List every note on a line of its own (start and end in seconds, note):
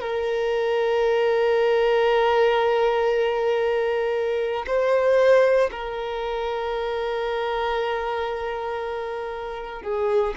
0.00 4.66 A#4
4.66 5.70 C5
5.71 9.82 A#4
9.82 10.34 G#4